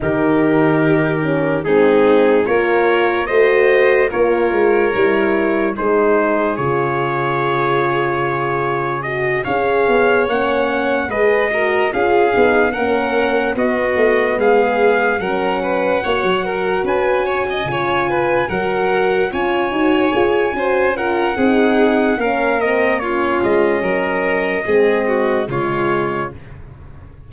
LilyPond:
<<
  \new Staff \with { instrumentName = "trumpet" } { \time 4/4 \tempo 4 = 73 ais'2 gis'4 cis''4 | dis''4 cis''2 c''4 | cis''2. dis''8 f''8~ | f''8 fis''4 dis''4 f''4 fis''8~ |
fis''8 dis''4 f''4 fis''4.~ | fis''8 gis''2 fis''4 gis''8~ | gis''4. fis''4. f''8 dis''8 | cis''8 dis''2~ dis''8 cis''4 | }
  \new Staff \with { instrumentName = "violin" } { \time 4/4 g'2 dis'4 ais'4 | c''4 ais'2 gis'4~ | gis'2.~ gis'8 cis''8~ | cis''4. b'8 ais'8 gis'4 ais'8~ |
ais'8 fis'4 gis'4 ais'8 b'8 cis''8 | ais'8 b'8 cis''16 dis''16 cis''8 b'8 ais'4 cis''8~ | cis''4 c''8 ais'8 gis'4 ais'4 | f'4 ais'4 gis'8 fis'8 f'4 | }
  \new Staff \with { instrumentName = "horn" } { \time 4/4 dis'4. cis'8 c'4 f'4 | fis'4 f'4 e'4 dis'4 | f'2. fis'8 gis'8~ | gis'8 cis'4 gis'8 fis'8 f'8 dis'8 cis'8~ |
cis'8 b2 cis'4 fis'8~ | fis'4. f'4 fis'4 f'8 | fis'8 gis'8 fis'8 f'8 dis'4 cis'8 c'8 | cis'2 c'4 gis4 | }
  \new Staff \with { instrumentName = "tuba" } { \time 4/4 dis2 gis4 ais4 | a4 ais8 gis8 g4 gis4 | cis2.~ cis8 cis'8 | b8 ais4 gis4 cis'8 b8 ais8~ |
ais8 b8 a8 gis4 fis4 ais16 fis16~ | fis8 cis'4 cis4 fis4 cis'8 | dis'8 f'8 cis'4 c'4 ais4~ | ais8 gis8 fis4 gis4 cis4 | }
>>